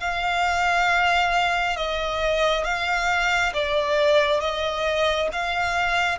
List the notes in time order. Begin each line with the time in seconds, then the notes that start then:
0.00 F5
1.76 D#5
2.65 F5
3.54 D5
4.41 D#5
5.33 F5